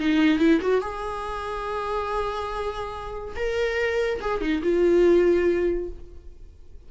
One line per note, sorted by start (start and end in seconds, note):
0.00 0.40 D#4
0.40 0.61 E4
0.62 0.82 F#4
0.82 3.35 G#4
3.36 4.21 A#4
4.21 4.41 G#4
4.41 4.62 D#4
4.63 5.90 F4